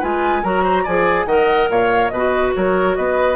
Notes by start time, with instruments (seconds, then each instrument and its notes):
0.00 bassoon G#3, clarinet F4, oboe B4, flute G#5
0.43 bassoon F#3, clarinet F#4, oboe A#4, flute A#5
0.63 oboe C5
0.84 bassoon F3, clarinet G#4, oboe D5, flute G#5
1.26 bassoon D#3, clarinet A#4, oboe D#5, flute F#5
1.70 bassoon A#2, oboe C#5, flute F5
2.09 bassoon B2, oboe B4, flute D#5
2.17 clarinet F#4
2.55 bassoon F#3, oboe A#4, flute C#5
2.96 bassoon B3, oboe B4, flute D#5